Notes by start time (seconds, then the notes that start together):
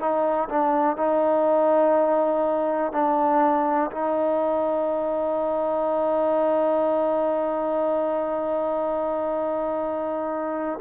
0.00 D#4
0.50 D4
0.97 D#4
2.92 D4
3.91 D#4